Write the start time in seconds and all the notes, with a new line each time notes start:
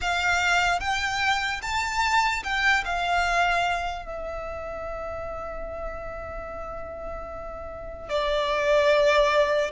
0.01 F5
0.80 G5
1.62 A5
2.43 G5
2.85 F5
4.05 E5
8.09 D5